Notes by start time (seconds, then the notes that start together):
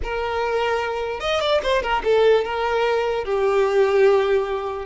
0.03 A#4
1.20 D#5
1.40 D5
1.63 C5
1.82 A#4
2.03 A4
2.44 A#4
3.24 G4